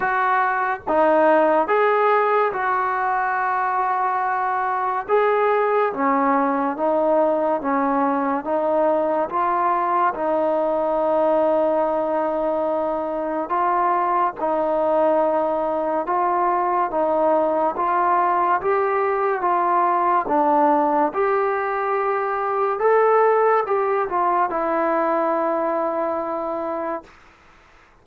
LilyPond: \new Staff \with { instrumentName = "trombone" } { \time 4/4 \tempo 4 = 71 fis'4 dis'4 gis'4 fis'4~ | fis'2 gis'4 cis'4 | dis'4 cis'4 dis'4 f'4 | dis'1 |
f'4 dis'2 f'4 | dis'4 f'4 g'4 f'4 | d'4 g'2 a'4 | g'8 f'8 e'2. | }